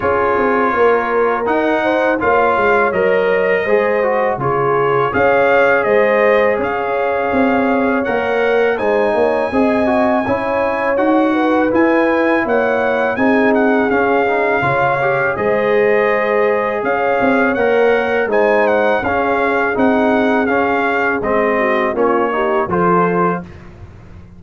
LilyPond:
<<
  \new Staff \with { instrumentName = "trumpet" } { \time 4/4 \tempo 4 = 82 cis''2 fis''4 f''4 | dis''2 cis''4 f''4 | dis''4 f''2 fis''4 | gis''2. fis''4 |
gis''4 fis''4 gis''8 fis''8 f''4~ | f''4 dis''2 f''4 | fis''4 gis''8 fis''8 f''4 fis''4 | f''4 dis''4 cis''4 c''4 | }
  \new Staff \with { instrumentName = "horn" } { \time 4/4 gis'4 ais'4. c''8 cis''4~ | cis''4 c''4 gis'4 cis''4 | c''4 cis''2. | c''8 cis''8 dis''4 cis''4. b'8~ |
b'4 cis''4 gis'2 | cis''4 c''2 cis''4~ | cis''4 c''4 gis'2~ | gis'4. fis'8 f'8 g'8 a'4 | }
  \new Staff \with { instrumentName = "trombone" } { \time 4/4 f'2 dis'4 f'4 | ais'4 gis'8 fis'8 f'4 gis'4~ | gis'2. ais'4 | dis'4 gis'8 fis'8 e'4 fis'4 |
e'2 dis'4 cis'8 dis'8 | f'8 g'8 gis'2. | ais'4 dis'4 cis'4 dis'4 | cis'4 c'4 cis'8 dis'8 f'4 | }
  \new Staff \with { instrumentName = "tuba" } { \time 4/4 cis'8 c'8 ais4 dis'4 ais8 gis8 | fis4 gis4 cis4 cis'4 | gis4 cis'4 c'4 ais4 | gis8 ais8 c'4 cis'4 dis'4 |
e'4 ais4 c'4 cis'4 | cis4 gis2 cis'8 c'8 | ais4 gis4 cis'4 c'4 | cis'4 gis4 ais4 f4 | }
>>